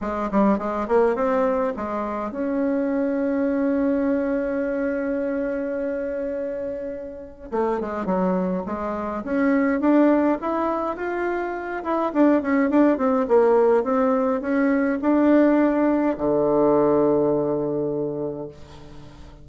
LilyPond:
\new Staff \with { instrumentName = "bassoon" } { \time 4/4 \tempo 4 = 104 gis8 g8 gis8 ais8 c'4 gis4 | cis'1~ | cis'1~ | cis'4 a8 gis8 fis4 gis4 |
cis'4 d'4 e'4 f'4~ | f'8 e'8 d'8 cis'8 d'8 c'8 ais4 | c'4 cis'4 d'2 | d1 | }